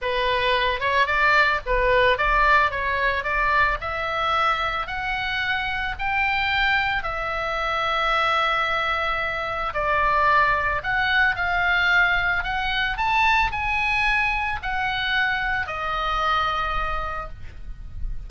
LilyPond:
\new Staff \with { instrumentName = "oboe" } { \time 4/4 \tempo 4 = 111 b'4. cis''8 d''4 b'4 | d''4 cis''4 d''4 e''4~ | e''4 fis''2 g''4~ | g''4 e''2.~ |
e''2 d''2 | fis''4 f''2 fis''4 | a''4 gis''2 fis''4~ | fis''4 dis''2. | }